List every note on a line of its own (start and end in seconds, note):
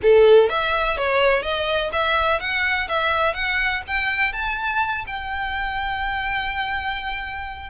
0.02 0.49 A4
0.49 0.97 E5
0.97 1.42 C#5
1.42 1.90 D#5
1.92 2.40 E5
2.40 2.88 F#5
2.88 3.34 E5
3.34 3.82 F#5
3.87 4.32 G5
4.32 5.04 A5
5.06 7.70 G5